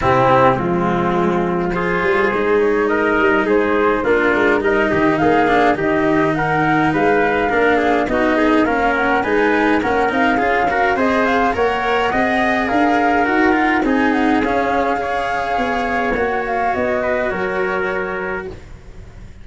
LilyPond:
<<
  \new Staff \with { instrumentName = "flute" } { \time 4/4 \tempo 4 = 104 g'4 f'2 c''4~ | c''8 cis''8 dis''4 c''4 ais'4 | dis''4 f''4 dis''4 fis''4 | f''2 dis''4 f''8 fis''8 |
gis''4 fis''8 f''4. dis''8 f''8 | fis''2 f''4 fis''4 | gis''8 fis''8 f''2. | fis''8 f''8 dis''4 cis''2 | }
  \new Staff \with { instrumentName = "trumpet" } { \time 4/4 e'4 c'2 gis'4~ | gis'4 ais'4 gis'4 f'4 | ais'8 g'8 gis'4 g'4 ais'4 | b'4 ais'8 gis'8 fis'8 gis'8 ais'4 |
b'4 ais'4 gis'8 ais'8 c''4 | cis''4 dis''4 ais'2 | gis'2 cis''2~ | cis''4. b'8 ais'2 | }
  \new Staff \with { instrumentName = "cello" } { \time 4/4 c'4 gis2 f'4 | dis'2. d'4 | dis'4. d'8 dis'2~ | dis'4 d'4 dis'4 cis'4 |
dis'4 cis'8 dis'8 f'8 fis'8 gis'4 | ais'4 gis'2 fis'8 f'8 | dis'4 cis'4 gis'2 | fis'1 | }
  \new Staff \with { instrumentName = "tuba" } { \time 4/4 c4 f2~ f8 g8 | gis4. g8 gis4 ais8 gis8 | g8 dis8 ais4 dis2 | gis4 ais4 b4 ais4 |
gis4 ais8 c'8 cis'4 c'4 | ais4 c'4 d'4 dis'4 | c'4 cis'2 b4 | ais4 b4 fis2 | }
>>